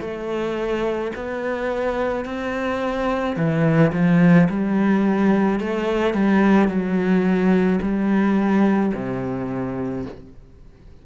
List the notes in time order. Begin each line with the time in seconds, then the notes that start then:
0.00 A3
1.15 B3
2.25 C4
3.36 E3
3.92 F3
4.49 G3
5.59 A3
6.14 G3
6.68 F#3
7.81 G3
8.94 C3